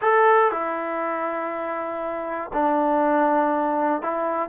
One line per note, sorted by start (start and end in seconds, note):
0.01 0.51 A4
0.51 2.51 E4
2.53 4.02 D4
4.02 4.49 E4